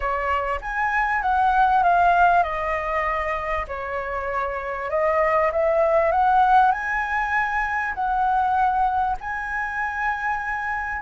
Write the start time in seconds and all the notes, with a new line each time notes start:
0.00 C#5
0.61 G#5
1.21 F#5
1.83 F5
2.43 D#5
3.67 C#5
4.90 D#5
5.52 E5
6.11 F#5
6.71 G#5
7.94 F#5
9.20 G#5